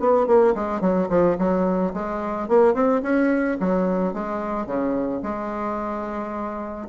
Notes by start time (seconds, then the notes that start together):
0.00 B3
0.27 A#3
0.55 G#3
0.81 F#3
1.10 F3
1.39 F#3
1.94 G#3
2.48 A#3
2.74 C4
3.03 C#4
3.60 F#3
4.14 G#3
4.67 C#3
5.23 G#3